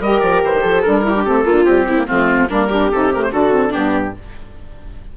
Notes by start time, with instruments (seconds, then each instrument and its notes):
0.00 bassoon G3, saxophone G4, viola A#4, oboe D#5
0.20 bassoon F3, oboe D5
0.44 bassoon E3, oboe C5
0.54 bassoon D#3
0.61 bassoon F3, viola A4
0.82 bassoon G3, saxophone D4, oboe A#4
1.03 saxophone E4, viola G4
1.15 saxophone D4
1.25 bassoon A3, saxophone C4, oboe A4
1.45 bassoon A#3, saxophone D4, viola F4
1.64 saxophone G3, bassoon C4, oboe G4
1.88 saxophone C4, viola E4
1.97 saxophone A#3
2.07 bassoon F3, saxophone A3, viola C4, oboe F4
2.49 bassoon G3, saxophone A#3, viola D4, oboe A#4
2.68 saxophone D4, viola G4
2.91 bassoon C3, saxophone D#4, oboe A4
3.13 saxophone A3, oboe A#4
3.22 oboe C5
3.32 bassoon D3, saxophone D4, viola F#4, oboe A4
3.52 saxophone C4
3.69 saxophone B3, viola D4, oboe G4
3.75 bassoon G2